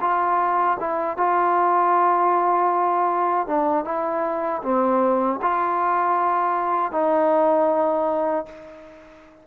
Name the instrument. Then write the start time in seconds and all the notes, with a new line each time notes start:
trombone
0.00 F4
0.79 E4
1.16 F4
3.47 D4
3.84 E4
4.62 C4
5.41 F4
6.91 D#4